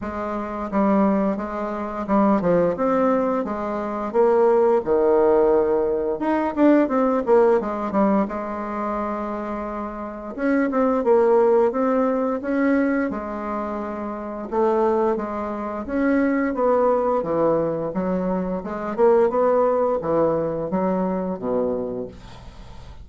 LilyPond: \new Staff \with { instrumentName = "bassoon" } { \time 4/4 \tempo 4 = 87 gis4 g4 gis4 g8 f8 | c'4 gis4 ais4 dis4~ | dis4 dis'8 d'8 c'8 ais8 gis8 g8 | gis2. cis'8 c'8 |
ais4 c'4 cis'4 gis4~ | gis4 a4 gis4 cis'4 | b4 e4 fis4 gis8 ais8 | b4 e4 fis4 b,4 | }